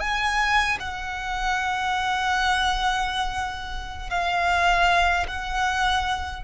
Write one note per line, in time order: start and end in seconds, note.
0.00 0.78 G#5
0.80 4.10 F#5
4.10 5.27 F5
5.28 6.44 F#5